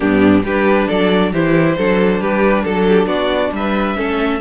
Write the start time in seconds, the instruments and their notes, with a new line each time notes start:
0.00 cello G2, viola B3, violin D4 G4
0.43 cello G3, viola D4, violin G4 B4
0.87 cello F#3, violin A4 D5
1.32 cello E3, viola E4, violin G4 C5
1.77 cello F#3, viola D4, violin A4
2.20 cello G3, violin G4 B4
2.64 cello F#3, violin A4
2.88 violin G4
3.06 cello B3, violin F#4 D5
3.52 cello G3, violin B4 E5
3.97 cello A3, viola C#4, violin A4